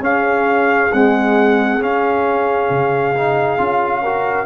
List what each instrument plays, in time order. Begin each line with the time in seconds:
0.00 tuba C#4, trombone C#4, horn G#4, trumpet F5
0.93 trombone G#3, tuba C4, trumpet F#5
1.80 trombone C#4, tuba C#4, trumpet F5
2.69 tuba C#3
3.16 trombone D#4
3.58 tuba C#4, trombone F4
4.02 trombone F#4, horn A#4